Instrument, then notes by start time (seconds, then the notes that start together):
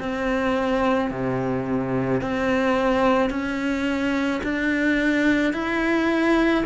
cello
0.00 C4
1.11 C3
2.22 C4
3.30 C#4
4.44 D4
5.54 E4